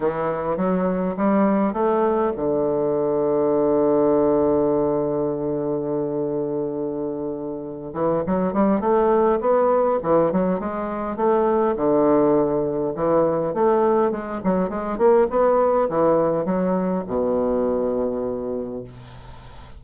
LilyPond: \new Staff \with { instrumentName = "bassoon" } { \time 4/4 \tempo 4 = 102 e4 fis4 g4 a4 | d1~ | d1~ | d4. e8 fis8 g8 a4 |
b4 e8 fis8 gis4 a4 | d2 e4 a4 | gis8 fis8 gis8 ais8 b4 e4 | fis4 b,2. | }